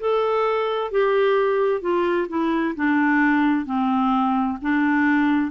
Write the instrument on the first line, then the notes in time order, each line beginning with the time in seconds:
clarinet
0.00 A4
0.91 G4
1.82 F4
2.29 E4
2.76 D4
3.66 C4
4.62 D4